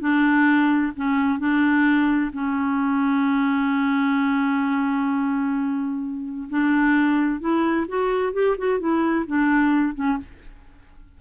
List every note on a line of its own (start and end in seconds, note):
0.00 0.92 D4
0.96 1.39 C#4
1.39 2.31 D4
2.33 6.48 C#4
6.49 7.40 D4
7.40 7.86 E4
7.88 8.33 F#4
8.33 8.56 G4
8.58 8.79 F#4
8.79 9.25 E4
9.27 9.95 D4
9.95 10.18 C#4